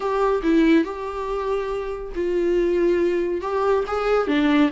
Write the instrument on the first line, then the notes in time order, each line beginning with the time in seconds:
viola
0.00 G4
0.42 E4
0.84 G4
2.15 F4
3.41 G4
3.87 G#4
4.27 D4